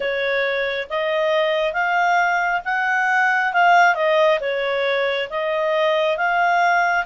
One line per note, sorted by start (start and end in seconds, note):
0.00 0.88 C#5
0.89 1.73 D#5
1.73 2.61 F5
2.65 3.53 F#5
3.53 3.95 F5
3.95 4.39 D#5
4.40 5.28 C#5
5.30 6.17 D#5
6.17 7.05 F5